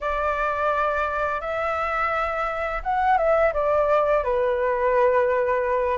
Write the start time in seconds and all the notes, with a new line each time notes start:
0.01 D5
1.41 E5
2.83 F#5
3.17 E5
3.53 D5
4.24 B4